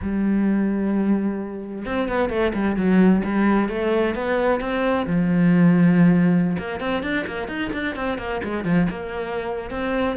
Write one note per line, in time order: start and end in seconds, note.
0.02 1.85 G3
1.85 2.08 C4
2.08 2.29 B3
2.29 2.52 A3
2.54 2.76 G3
2.76 3.22 F#3
3.24 3.68 G3
3.68 4.14 A3
4.14 4.60 B3
4.60 5.06 C4
5.06 6.56 F3
6.58 6.80 A#3
6.80 7.02 C4
7.02 7.25 D4
7.26 7.48 A#3
7.48 7.71 D#4
7.72 7.95 D4
7.95 8.18 C4
8.18 8.41 A#3
8.43 8.64 G#3
8.64 8.87 F3
8.90 9.70 A#3
9.70 10.16 C4